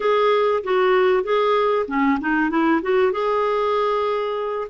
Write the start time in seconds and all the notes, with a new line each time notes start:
0.00 G#4
0.63 F#4
1.23 G#4
1.87 C#4
2.20 D#4
2.49 E4
2.82 F#4
3.11 G#4